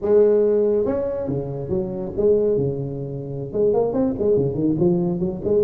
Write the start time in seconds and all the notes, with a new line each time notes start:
0.01 G#3
0.85 C#4
1.28 C#3
1.69 F#3
2.16 G#3
2.57 C#3
3.52 G#3
3.73 A#3
3.93 C4
4.18 G#3
4.36 C#3
4.54 D#3
4.79 F3
5.19 F#3
5.44 G#3